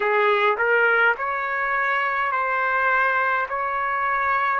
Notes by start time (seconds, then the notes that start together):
0.00 G#4
0.57 A#4
1.17 C#5
2.31 C5
3.48 C#5